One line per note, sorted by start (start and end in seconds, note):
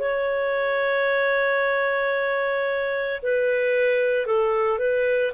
0.00 3.21 C#5
3.22 4.27 B4
4.27 4.79 A4
4.79 5.32 B4